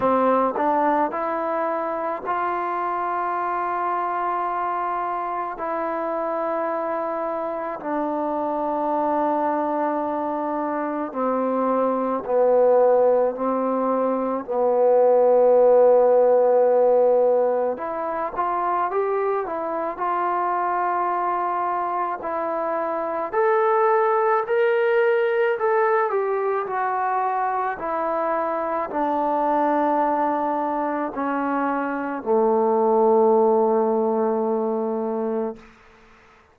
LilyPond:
\new Staff \with { instrumentName = "trombone" } { \time 4/4 \tempo 4 = 54 c'8 d'8 e'4 f'2~ | f'4 e'2 d'4~ | d'2 c'4 b4 | c'4 b2. |
e'8 f'8 g'8 e'8 f'2 | e'4 a'4 ais'4 a'8 g'8 | fis'4 e'4 d'2 | cis'4 a2. | }